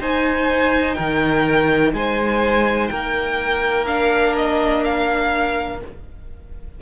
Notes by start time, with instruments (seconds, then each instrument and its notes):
0.00 viola D#4, cello D#4, violin C5 G#5
0.94 cello D#3, violin A#4 G5
1.93 cello G#3, violin C5 G#5
2.88 cello A#3, violin A#4 G5
3.85 viola D4, violin F5
4.36 violin D#5
4.84 violin F5